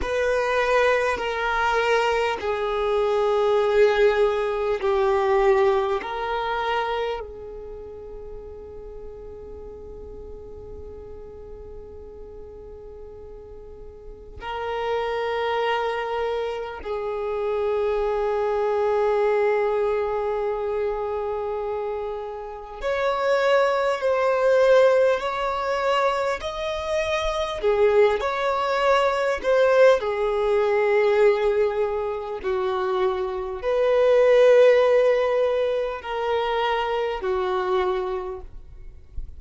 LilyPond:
\new Staff \with { instrumentName = "violin" } { \time 4/4 \tempo 4 = 50 b'4 ais'4 gis'2 | g'4 ais'4 gis'2~ | gis'1 | ais'2 gis'2~ |
gis'2. cis''4 | c''4 cis''4 dis''4 gis'8 cis''8~ | cis''8 c''8 gis'2 fis'4 | b'2 ais'4 fis'4 | }